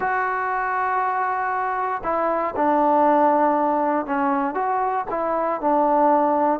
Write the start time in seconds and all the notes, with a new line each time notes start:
0.00 F#4
2.03 E4
2.56 D4
4.06 C#4
4.54 F#4
5.10 E4
5.60 D4